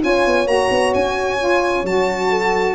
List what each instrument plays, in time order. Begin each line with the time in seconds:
0.00 tuba C#4, saxophone F4, horn C#5, violin G#5
0.26 tuba B3
0.45 tuba A#3, saxophone F#4, violin A#5
0.70 tuba B3
0.94 tuba C#4, violin G#5
1.38 saxophone F4
1.83 tuba F#3, saxophone F#4, violin A5
2.29 horn A4